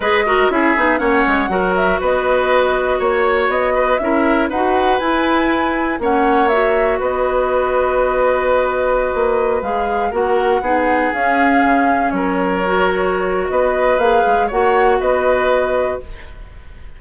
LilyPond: <<
  \new Staff \with { instrumentName = "flute" } { \time 4/4 \tempo 4 = 120 dis''4 e''4 fis''4. e''8 | dis''2 cis''4 dis''4 | e''4 fis''4 gis''2 | fis''4 e''4 dis''2~ |
dis''2.~ dis''16 f''8.~ | f''16 fis''2 f''4.~ f''16~ | f''16 cis''2~ cis''8. dis''4 | f''4 fis''4 dis''2 | }
  \new Staff \with { instrumentName = "oboe" } { \time 4/4 b'8 ais'8 gis'4 cis''4 ais'4 | b'2 cis''4. b'8 | ais'4 b'2. | cis''2 b'2~ |
b'1~ | b'16 ais'4 gis'2~ gis'8.~ | gis'16 ais'2~ ais'8. b'4~ | b'4 cis''4 b'2 | }
  \new Staff \with { instrumentName = "clarinet" } { \time 4/4 gis'8 fis'8 e'8 dis'8 cis'4 fis'4~ | fis'1 | e'4 fis'4 e'2 | cis'4 fis'2.~ |
fis'2.~ fis'16 gis'8.~ | gis'16 fis'4 dis'4 cis'4.~ cis'16~ | cis'4~ cis'16 fis'2~ fis'8. | gis'4 fis'2. | }
  \new Staff \with { instrumentName = "bassoon" } { \time 4/4 gis4 cis'8 b8 ais8 gis8 fis4 | b2 ais4 b4 | cis'4 dis'4 e'2 | ais2 b2~ |
b2~ b16 ais4 gis8.~ | gis16 ais4 b4 cis'4 cis8.~ | cis16 fis2~ fis8. b4 | ais8 gis8 ais4 b2 | }
>>